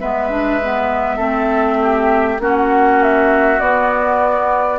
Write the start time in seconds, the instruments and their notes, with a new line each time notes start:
0.00 bassoon G#3, clarinet B3, oboe B4, flute E5
0.30 clarinet D4
0.64 clarinet B3
1.17 bassoon A3, clarinet C4, oboe A4
1.82 oboe G4
2.40 bassoon A#3, clarinet C#4, oboe F#4, flute F#5
3.03 flute E5
3.60 bassoon B3, clarinet B3, flute D5